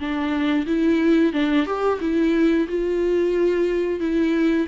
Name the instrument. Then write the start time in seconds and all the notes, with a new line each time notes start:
viola
0.00 D4
0.67 E4
1.33 D4
1.66 G4
2.01 E4
2.69 F4
4.01 E4